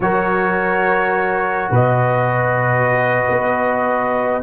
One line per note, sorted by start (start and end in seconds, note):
0.00 1.70 F#3
0.00 4.42 F#4
0.00 1.71 A#4
0.00 1.72 C#5
1.70 3.27 B2
1.70 4.42 B4
1.70 4.42 D#5
3.29 4.42 B3